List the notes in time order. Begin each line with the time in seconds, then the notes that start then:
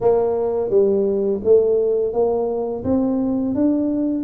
0.00 A#3
0.70 G3
1.44 A3
2.13 A#3
2.84 C4
3.54 D4